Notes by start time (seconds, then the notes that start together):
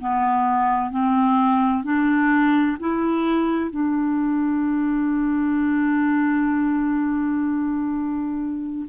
0.00 B3
0.90 C4
1.84 D4
2.80 E4
3.70 D4